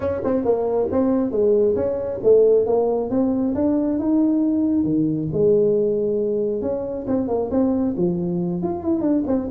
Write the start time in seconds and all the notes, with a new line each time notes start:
0.00 C#4
0.24 C4
0.44 A#3
0.91 C4
1.31 G#3
1.75 C#4
2.23 A3
2.66 A#3
3.10 C4
3.55 D4
3.98 D#4
4.84 D#3
5.32 G#3
6.61 C#4
7.07 C4
7.28 A#3
7.50 C4
7.96 F3
8.62 F4
8.83 E4
9.01 D4
9.26 C4